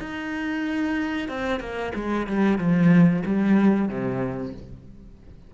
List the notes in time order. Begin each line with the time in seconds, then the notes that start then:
0.00 D#4
1.28 C4
1.60 A#3
1.95 G#3
2.27 G3
2.58 F3
3.26 G3
3.89 C3